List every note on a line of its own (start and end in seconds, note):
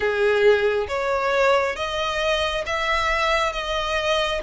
0.00 0.87 G#4
0.87 1.76 C#5
1.76 2.64 D#5
2.66 3.52 E5
3.52 4.40 D#5